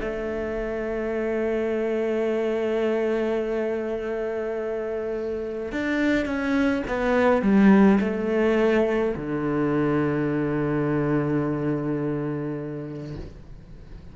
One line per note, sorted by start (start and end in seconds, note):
0.00 5.71 A3
5.72 6.25 D4
6.25 6.82 C#4
6.87 7.42 B3
7.42 7.99 G3
8.00 9.14 A3
9.16 13.16 D3